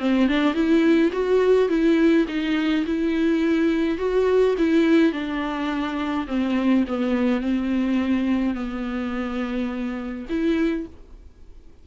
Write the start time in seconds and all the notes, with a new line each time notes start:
0.00 C4
0.28 D4
0.54 E4
1.13 F#4
1.69 E4
2.28 D#4
2.87 E4
3.98 F#4
4.59 E4
5.13 D4
6.28 C4
6.88 B3
7.41 C4
8.55 B3
10.30 E4